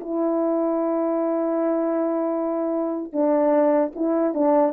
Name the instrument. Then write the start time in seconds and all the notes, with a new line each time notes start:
horn
0.00 E4
3.13 D4
3.95 E4
4.34 D4